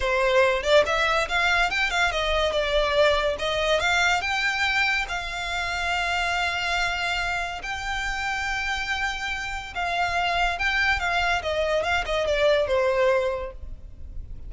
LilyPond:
\new Staff \with { instrumentName = "violin" } { \time 4/4 \tempo 4 = 142 c''4. d''8 e''4 f''4 | g''8 f''8 dis''4 d''2 | dis''4 f''4 g''2 | f''1~ |
f''2 g''2~ | g''2. f''4~ | f''4 g''4 f''4 dis''4 | f''8 dis''8 d''4 c''2 | }